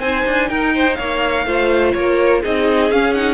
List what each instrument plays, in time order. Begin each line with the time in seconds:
0.00 cello C4, viola D#4, violin C5 G#5
0.26 cello D4
0.49 cello D#4, violin A#4 G5
0.75 violin C5
0.95 cello A#3, violin C#5 F5
1.46 cello A3, viola F4, violin C5
1.93 cello A#3, violin A#4 C#5
2.42 cello C4, viola D#4, violin G#4 D#5
2.91 cello C#4, viola C#4, violin F5
3.13 viola D#4, violin F#5